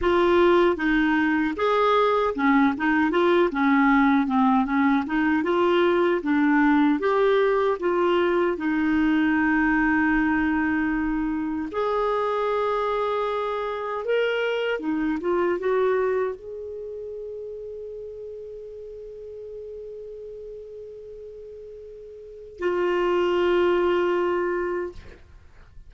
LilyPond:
\new Staff \with { instrumentName = "clarinet" } { \time 4/4 \tempo 4 = 77 f'4 dis'4 gis'4 cis'8 dis'8 | f'8 cis'4 c'8 cis'8 dis'8 f'4 | d'4 g'4 f'4 dis'4~ | dis'2. gis'4~ |
gis'2 ais'4 dis'8 f'8 | fis'4 gis'2.~ | gis'1~ | gis'4 f'2. | }